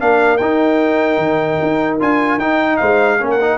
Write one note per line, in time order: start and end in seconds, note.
0.00 0.40 A#3
0.00 0.40 D4
0.00 2.80 A#4
0.00 0.38 F5
0.38 1.18 D#4
0.38 2.00 D#4
0.38 1.98 G5
1.18 1.58 D#3
1.63 2.01 D#4
2.00 2.38 D4
2.00 2.40 F4
2.00 2.40 G#5
2.38 2.78 D#4
2.38 3.20 D#4
2.38 2.77 G5
2.77 3.21 G#3
2.77 3.20 C5
2.77 3.27 F5
3.20 3.58 A#3
3.20 3.40 C#4
3.20 3.58 A#4
3.31 3.58 F#5
3.41 3.58 D#4